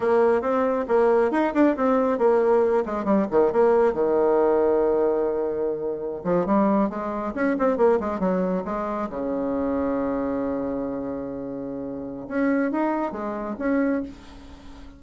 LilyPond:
\new Staff \with { instrumentName = "bassoon" } { \time 4/4 \tempo 4 = 137 ais4 c'4 ais4 dis'8 d'8 | c'4 ais4. gis8 g8 dis8 | ais4 dis2.~ | dis2~ dis16 f8 g4 gis16~ |
gis8. cis'8 c'8 ais8 gis8 fis4 gis16~ | gis8. cis2.~ cis16~ | cis1 | cis'4 dis'4 gis4 cis'4 | }